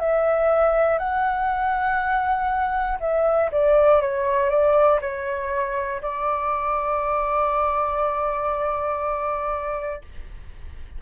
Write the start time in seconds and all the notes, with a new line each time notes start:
0.00 E5
0.99 F#5
3.01 E5
3.52 D5
4.02 C#5
4.50 D5
5.02 C#5
6.02 D5